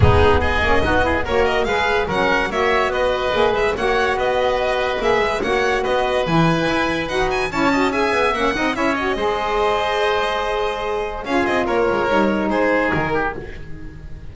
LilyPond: <<
  \new Staff \with { instrumentName = "violin" } { \time 4/4 \tempo 4 = 144 gis'4 dis''2 cis''8 dis''8 | f''4 fis''4 e''4 dis''4~ | dis''8 e''8 fis''4 dis''2 | e''4 fis''4 dis''4 gis''4~ |
gis''4 fis''8 gis''8 a''4 gis''4 | fis''4 e''8 dis''2~ dis''8~ | dis''2. f''8 dis''8 | cis''2 c''4 ais'4 | }
  \new Staff \with { instrumentName = "oboe" } { \time 4/4 dis'4 gis'4 fis'8 gis'8 ais'4 | b'4 ais'4 cis''4 b'4~ | b'4 cis''4 b'2~ | b'4 cis''4 b'2~ |
b'2 cis''8 dis''8 e''4~ | e''8 dis''8 cis''4 c''2~ | c''2. gis'4 | ais'2 gis'4. g'8 | }
  \new Staff \with { instrumentName = "saxophone" } { \time 4/4 b4. cis'8 dis'8 e'8 fis'4 | gis'4 cis'4 fis'2 | gis'4 fis'2. | gis'4 fis'2 e'4~ |
e'4 fis'4 e'8 fis'8 gis'4 | cis'8 dis'8 e'8 fis'8 gis'2~ | gis'2. f'4~ | f'4 dis'2. | }
  \new Staff \with { instrumentName = "double bass" } { \time 4/4 gis4. ais8 b4 ais4 | gis4 fis4 ais4 b4 | ais8 gis8 ais4 b2 | ais8 gis8 ais4 b4 e4 |
e'4 dis'4 cis'4. b8 | ais8 c'8 cis'4 gis2~ | gis2. cis'8 c'8 | ais8 gis8 g4 gis4 dis4 | }
>>